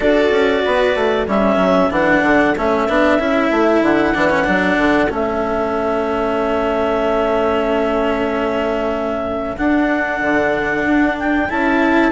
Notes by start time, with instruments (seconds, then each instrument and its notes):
0.00 bassoon D4, cello F#4, viola A4, clarinet D5
0.30 bassoon C#4
0.64 bassoon B3, viola B4
0.95 bassoon A3
1.27 bassoon G3, cello C#4, viola A4, clarinet E5
1.56 bassoon F#3
1.90 bassoon E3, cello D4, clarinet F#5
2.22 bassoon D3
2.57 bassoon A3, cello C#4, clarinet E5
2.88 bassoon B3, cello D4
3.18 bassoon C#4, cello E4
3.50 bassoon A3
3.81 bassoon D3, clarinet F#5
4.14 bassoon E3, cello D4
4.30 cello C#4
4.44 bassoon F#3, cello D4
4.77 bassoon D3
5.09 bassoon A3, cello C#4, clarinet E5
9.56 cello D4, bassoon D4, clarinet F#5
10.21 bassoon D3
10.86 bassoon D4
11.18 clarinet G5
11.48 bassoon C#4, cello E4, clarinet A5